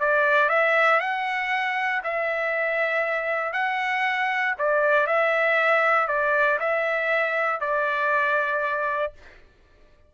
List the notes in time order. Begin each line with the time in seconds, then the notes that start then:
0.00 D5
0.49 E5
1.00 F#5
2.03 E5
3.53 F#5
4.58 D5
5.07 E5
6.08 D5
6.60 E5
7.60 D5